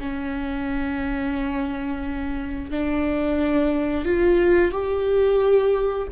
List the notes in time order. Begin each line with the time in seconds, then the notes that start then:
0.00 C#4
2.71 D4
4.05 F4
4.71 G4